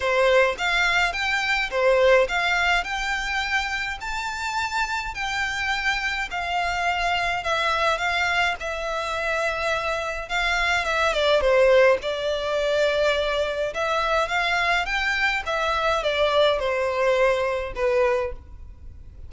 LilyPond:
\new Staff \with { instrumentName = "violin" } { \time 4/4 \tempo 4 = 105 c''4 f''4 g''4 c''4 | f''4 g''2 a''4~ | a''4 g''2 f''4~ | f''4 e''4 f''4 e''4~ |
e''2 f''4 e''8 d''8 | c''4 d''2. | e''4 f''4 g''4 e''4 | d''4 c''2 b'4 | }